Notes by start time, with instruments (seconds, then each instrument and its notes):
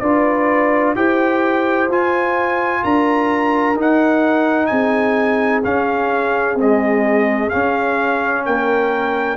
0.00 tuba D4, trombone F4, horn B4, trumpet D5
0.96 tuba E4, trombone G4, horn C5, trumpet G5
1.88 tuba F4, trombone F4, trumpet G#5
2.83 tuba D4, horn A#4, trumpet A#5
3.75 tuba D#4, trombone D#4, trumpet F#5
4.66 tuba C4, horn G#4, trumpet G#5
5.64 trombone C#4, tuba C#4, trumpet F5
6.55 trombone G#3, tuba C4, trumpet D#5
7.49 trombone C#4, tuba C#4, trumpet F5
8.45 tuba A#3, horn A#4, trumpet G5